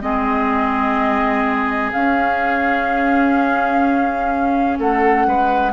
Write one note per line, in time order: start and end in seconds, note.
0.00 1.92 G#3
0.00 1.91 C4
0.00 4.78 G#4
0.00 1.90 D#5
1.92 4.79 C#4
1.92 5.72 C#4
1.92 4.78 F5
4.78 5.26 A3
4.78 5.26 A4
4.78 5.72 F#5
5.26 5.72 G#3
5.26 5.72 B4